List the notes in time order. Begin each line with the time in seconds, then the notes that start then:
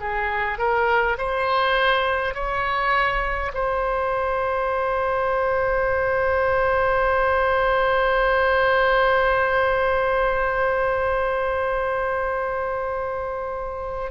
0.00 G#4
0.58 A#4
1.18 C5
2.34 C#5
3.54 C5